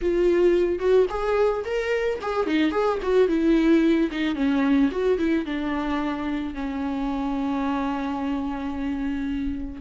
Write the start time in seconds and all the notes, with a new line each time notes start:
0.01 F4
0.79 F#4
1.09 G#4
1.64 A#4
2.21 G#4
2.46 D#4
2.71 G#4
3.02 F#4
3.28 E4
4.11 D#4
4.35 C#4
4.91 F#4
5.18 E4
5.45 D4
6.54 C#4